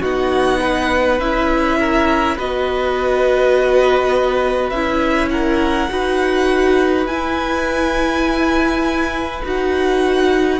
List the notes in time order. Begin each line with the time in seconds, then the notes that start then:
0.00 B3 D#4 F#4 F#5
0.61 B4
1.19 C#4 E4 E5
1.79 A#4
2.35 B3 F#4 B4 D#5
4.70 C#4 E4 E5
5.30 A#4 F#5
5.89 D#4 F#4 B4
7.06 E4 G#5
9.45 D#4 F#4 F#5